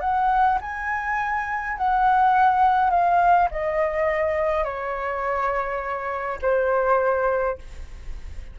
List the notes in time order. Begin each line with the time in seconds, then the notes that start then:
0.00 F#5
0.61 G#5
1.77 F#5
2.90 F5
3.51 D#5
4.64 C#5
6.42 C5